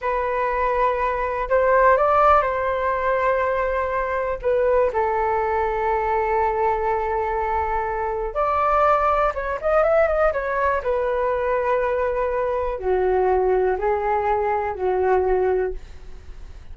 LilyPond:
\new Staff \with { instrumentName = "flute" } { \time 4/4 \tempo 4 = 122 b'2. c''4 | d''4 c''2.~ | c''4 b'4 a'2~ | a'1~ |
a'4 d''2 cis''8 dis''8 | e''8 dis''8 cis''4 b'2~ | b'2 fis'2 | gis'2 fis'2 | }